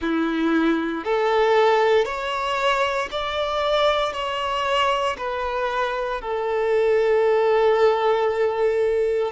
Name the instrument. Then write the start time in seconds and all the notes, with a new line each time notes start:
violin
0.00 E4
1.04 A4
2.05 C#5
3.11 D5
4.12 C#5
5.17 B4
6.21 A4